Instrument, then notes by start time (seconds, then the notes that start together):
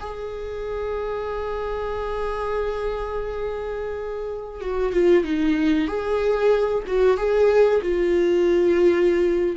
viola
0.00 G#4
4.60 F#4
4.92 F4
5.24 D#4
5.87 G#4
6.86 F#4
7.17 G#4
7.81 F4